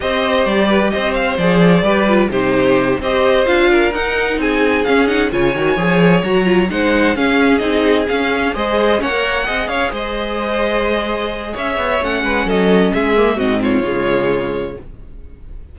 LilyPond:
<<
  \new Staff \with { instrumentName = "violin" } { \time 4/4 \tempo 4 = 130 dis''4 d''4 dis''8 f''8 d''4~ | d''4 c''4. dis''4 f''8~ | f''8 fis''4 gis''4 f''8 fis''8 gis''8~ | gis''4. ais''4 fis''4 f''8~ |
f''8 dis''4 f''4 dis''4 fis''8~ | fis''4 f''8 dis''2~ dis''8~ | dis''4 e''4 fis''4 dis''4 | e''4 dis''8 cis''2~ cis''8 | }
  \new Staff \with { instrumentName = "violin" } { \time 4/4 c''4. b'8 c''2 | b'4 g'4. c''4. | ais'4. gis'2 cis''8~ | cis''2~ cis''8 c''4 gis'8~ |
gis'2~ gis'8 c''4 cis''8~ | cis''8 dis''8 cis''8 c''2~ c''8~ | c''4 cis''4. b'8 a'4 | gis'4 fis'8 f'2~ f'8 | }
  \new Staff \with { instrumentName = "viola" } { \time 4/4 g'2. gis'4 | g'8 f'8 dis'4. g'4 f'8~ | f'8 dis'2 cis'8 dis'8 f'8 | fis'8 gis'4 fis'8 f'8 dis'4 cis'8~ |
cis'8 dis'4 cis'4 gis'4 cis'16 ais'16~ | ais'8 gis'2.~ gis'8~ | gis'2 cis'2~ | cis'8 ais8 c'4 gis2 | }
  \new Staff \with { instrumentName = "cello" } { \time 4/4 c'4 g4 c'4 f4 | g4 c4. c'4 d'8~ | d'8 dis'4 c'4 cis'4 cis8 | dis8 f4 fis4 gis4 cis'8~ |
cis'8 c'4 cis'4 gis4 ais8~ | ais8 c'8 cis'8 gis2~ gis8~ | gis4 cis'8 b8 a8 gis8 fis4 | gis4 gis,4 cis2 | }
>>